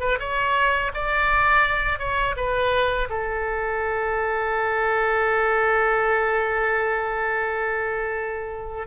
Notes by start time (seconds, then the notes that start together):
0.00 B4
0.19 C#5
0.94 D5
1.99 C#5
2.36 B4
3.09 A4